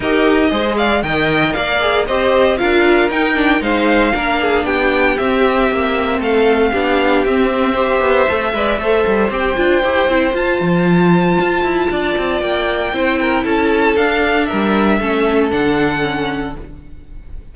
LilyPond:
<<
  \new Staff \with { instrumentName = "violin" } { \time 4/4 \tempo 4 = 116 dis''4. f''8 g''4 f''4 | dis''4 f''4 g''4 f''4~ | f''4 g''4 e''2 | f''2 e''2~ |
e''2 g''2 | a''1 | g''2 a''4 f''4 | e''2 fis''2 | }
  \new Staff \with { instrumentName = "violin" } { \time 4/4 ais'4 c''8 d''8 dis''4 d''4 | c''4 ais'2 c''4 | ais'8 gis'8 g'2. | a'4 g'2 c''4~ |
c''8 d''8 c''2.~ | c''2. d''4~ | d''4 c''8 ais'8 a'2 | ais'4 a'2. | }
  \new Staff \with { instrumentName = "viola" } { \time 4/4 g'4 gis'4 ais'4. gis'8 | g'4 f'4 dis'8 d'8 dis'4 | d'2 c'2~ | c'4 d'4 c'4 g'4 |
a'8 b'8 a'4 g'8 f'8 g'8 e'8 | f'1~ | f'4 e'2 d'4~ | d'4 cis'4 d'4 cis'4 | }
  \new Staff \with { instrumentName = "cello" } { \time 4/4 dis'4 gis4 dis4 ais4 | c'4 d'4 dis'4 gis4 | ais4 b4 c'4 ais4 | a4 b4 c'4. b8 |
a8 gis8 a8 g8 c'8 d'8 e'8 c'8 | f'8 f4. f'8 e'8 d'8 c'8 | ais4 c'4 cis'4 d'4 | g4 a4 d2 | }
>>